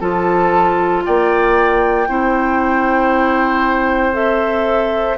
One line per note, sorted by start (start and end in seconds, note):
0.00 1.05 F3
0.00 2.07 F4
0.00 1.04 A4
0.00 1.04 A5
1.06 2.08 A#3
1.06 2.09 D5
1.06 4.15 G5
2.08 5.18 C4
2.08 4.13 E4
2.08 5.18 C5
4.13 5.17 A4
4.13 5.18 E5